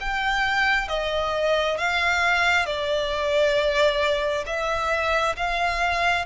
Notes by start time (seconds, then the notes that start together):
0.00 G5
0.88 D#5
1.78 F5
2.65 D5
4.46 E5
5.36 F5